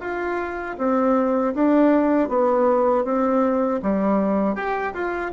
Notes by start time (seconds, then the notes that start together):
0.00 F4
0.78 C4
1.54 D4
2.29 B3
3.04 C4
3.82 G3
4.55 G4
4.93 F4